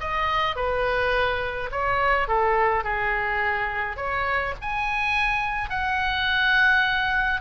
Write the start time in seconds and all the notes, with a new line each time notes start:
0.00 D#5
0.56 B4
1.71 C#5
2.28 A4
2.84 G#4
3.96 C#5
4.61 G#5
5.69 F#5